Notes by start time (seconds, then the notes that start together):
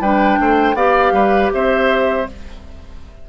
0.00 G3 D4 B4 G5
0.40 A3 C5
0.74 B3 G4 D5 F5
1.12 G3 B4
1.53 C4 C5 E5